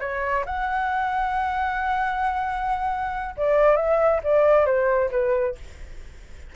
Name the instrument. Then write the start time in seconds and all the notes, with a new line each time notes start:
flute
0.00 C#5
0.46 F#5
3.37 D5
3.76 E5
4.23 D5
4.66 C5
5.11 B4